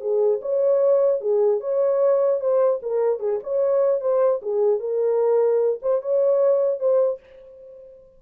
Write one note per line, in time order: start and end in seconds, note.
0.00 0.40 G#4
0.41 1.20 C#5
1.20 1.60 G#4
1.60 2.40 C#5
2.40 2.80 C5
2.82 3.19 A#4
3.19 3.39 G#4
3.43 4.00 C#5
4.00 4.40 C5
4.41 4.79 G#4
4.79 5.79 A#4
5.82 6.02 C5
6.02 6.79 C#5
6.79 7.19 C5